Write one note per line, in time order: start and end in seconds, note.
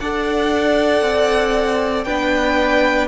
0.00 1.02 D4
0.00 2.06 A4
0.00 2.06 D5
0.00 2.04 F#5
1.02 2.05 C4
2.04 3.08 B3
2.04 3.08 D4
2.04 3.08 B4
2.04 3.08 G5